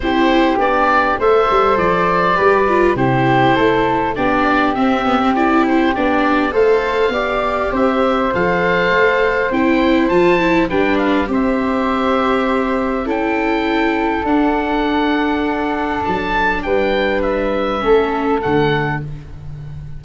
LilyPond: <<
  \new Staff \with { instrumentName = "oboe" } { \time 4/4 \tempo 4 = 101 c''4 d''4 e''4 d''4~ | d''4 c''2 d''4 | e''4 d''8 c''8 d''4 f''4~ | f''4 e''4 f''2 |
g''4 a''4 g''8 f''8 e''4~ | e''2 g''2 | fis''2. a''4 | g''4 e''2 fis''4 | }
  \new Staff \with { instrumentName = "flute" } { \time 4/4 g'2 c''2 | b'4 g'4 a'4 g'4~ | g'2. c''4 | d''4 c''2.~ |
c''2 b'4 c''4~ | c''2 a'2~ | a'1 | b'2 a'2 | }
  \new Staff \with { instrumentName = "viola" } { \time 4/4 e'4 d'4 a'2 | g'8 f'8 e'2 d'4 | c'8 b16 c'16 e'4 d'4 a'4 | g'2 a'2 |
e'4 f'8 e'8 d'4 g'4~ | g'2 e'2 | d'1~ | d'2 cis'4 a4 | }
  \new Staff \with { instrumentName = "tuba" } { \time 4/4 c'4 b4 a8 g8 f4 | g4 c4 a4 b4 | c'2 b4 a4 | b4 c'4 f4 a4 |
c'4 f4 g4 c'4~ | c'2 cis'2 | d'2. fis4 | g2 a4 d4 | }
>>